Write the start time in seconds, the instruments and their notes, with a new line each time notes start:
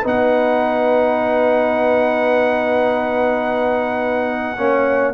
0.00 tuba B3, trombone D#4, horn B4
0.07 trumpet F#5
4.57 tuba A#3, trombone C#4, horn C#5